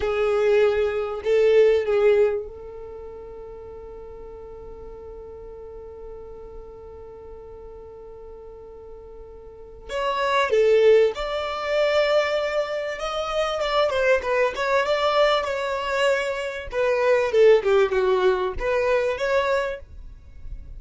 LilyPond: \new Staff \with { instrumentName = "violin" } { \time 4/4 \tempo 4 = 97 gis'2 a'4 gis'4 | a'1~ | a'1~ | a'1 |
cis''4 a'4 d''2~ | d''4 dis''4 d''8 c''8 b'8 cis''8 | d''4 cis''2 b'4 | a'8 g'8 fis'4 b'4 cis''4 | }